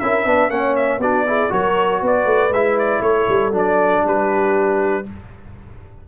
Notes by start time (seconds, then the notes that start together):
0.00 C#4 E4 A#4 E5
0.25 B3 D4 B4
0.50 A#3 C#4 C#5 F#5
0.76 E5
0.99 B3 D4 F#4 D5
1.27 E4 G#4
1.50 F#3 F#4 A#4 C#5
2.02 B3 B4 D5
2.26 A3
2.51 G#3 E4 E5
2.79 D5
3.02 A3 A4 C#5
3.29 G3
3.53 F#3 D4 D5
4.04 G3 G4 B4